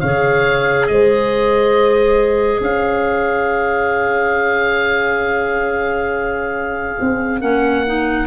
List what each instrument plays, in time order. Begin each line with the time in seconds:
0.00 tuba C#3, clarinet G#4, horn C#5, oboe F5
0.87 tuba G#3, horn C5, oboe D#5
2.61 tuba C#4, horn C#5, oboe F5
7.01 tuba C4
7.41 tuba A#3, clarinet C#4, oboe F#5
7.86 clarinet D#4